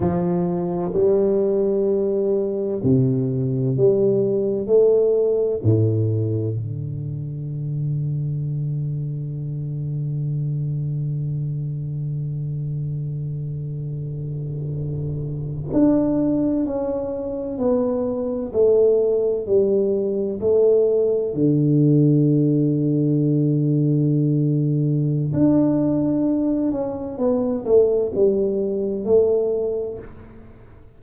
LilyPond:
\new Staff \with { instrumentName = "tuba" } { \time 4/4 \tempo 4 = 64 f4 g2 c4 | g4 a4 a,4 d4~ | d1~ | d1~ |
d8. d'4 cis'4 b4 a16~ | a8. g4 a4 d4~ d16~ | d2. d'4~ | d'8 cis'8 b8 a8 g4 a4 | }